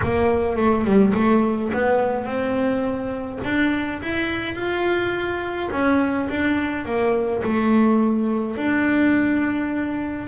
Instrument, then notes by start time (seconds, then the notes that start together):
double bass
0.03 A#3
0.56 A3
0.84 G3
1.14 A3
1.73 B3
2.25 C4
3.44 D4
4.02 E4
4.55 F4
5.71 C#4
6.29 D4
6.85 A#3
7.43 A3
8.56 D4